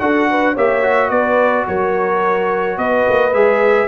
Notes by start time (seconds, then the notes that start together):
0.00 D4 F#4 A4 F#5
0.30 B4
0.53 A#3 G4 C#5 E5
0.83 F#4
1.10 B3 B4 D5
1.67 F#3 A#4 C#5
2.78 B3 B4 D#5
3.09 A#3
3.33 G#3 G#4 E5